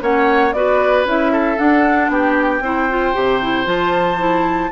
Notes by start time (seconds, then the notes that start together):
0.00 A#3 C#4 C#5 F#5
0.53 B3 F#4 B4 D5
1.05 C#4 E4 E5
1.33 A4
1.57 D4 F#5
2.09 B3 G4 G5
2.61 C4 E4 C5
2.90 F4
3.14 C3 G4
3.42 E4
3.65 F3 F4 A5
4.18 E4